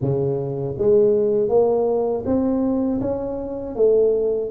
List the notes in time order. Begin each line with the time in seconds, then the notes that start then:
0.01 C#3
0.77 G#3
1.49 A#3
2.25 C4
3.00 C#4
3.75 A3